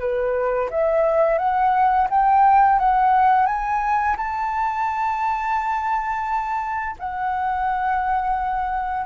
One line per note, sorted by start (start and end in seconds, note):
0.00 0.70 B4
0.71 1.39 E5
1.39 2.08 F#5
2.10 2.79 G5
2.79 3.47 F#5
3.47 4.17 G#5
4.17 6.96 A5
6.99 9.07 F#5